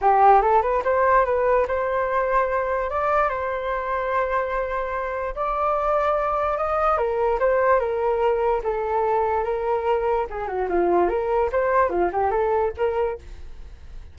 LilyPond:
\new Staff \with { instrumentName = "flute" } { \time 4/4 \tempo 4 = 146 g'4 a'8 b'8 c''4 b'4 | c''2. d''4 | c''1~ | c''4 d''2. |
dis''4 ais'4 c''4 ais'4~ | ais'4 a'2 ais'4~ | ais'4 gis'8 fis'8 f'4 ais'4 | c''4 f'8 g'8 a'4 ais'4 | }